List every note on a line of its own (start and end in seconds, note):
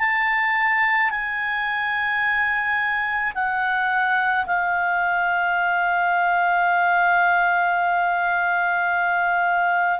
0.00 1.11 A5
1.11 3.33 G#5
3.35 4.46 F#5
4.47 10.00 F5